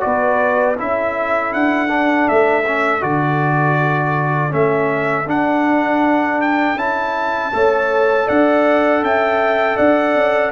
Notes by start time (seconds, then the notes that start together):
0.00 B3 F#4 B4 D5
0.78 C#4 E4 A4 E5
1.53 D4 F#5
1.88 D4
2.28 A3 E5
2.67 C#4
3.01 D3 F#4 D5
4.49 A3 C#4 E5
5.26 D4 F#5
6.41 G5
6.75 C#4 E4 A5
7.53 A3 A4 C#5
8.26 D4 D5 F#5
9.02 C#4 E5 G5
9.77 D4 D5 F#5
10.15 C#4